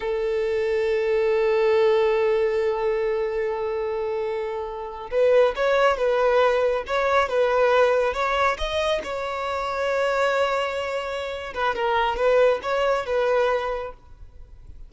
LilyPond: \new Staff \with { instrumentName = "violin" } { \time 4/4 \tempo 4 = 138 a'1~ | a'1~ | a'2.~ a'8. b'16~ | b'8. cis''4 b'2 cis''16~ |
cis''8. b'2 cis''4 dis''16~ | dis''8. cis''2.~ cis''16~ | cis''2~ cis''8 b'8 ais'4 | b'4 cis''4 b'2 | }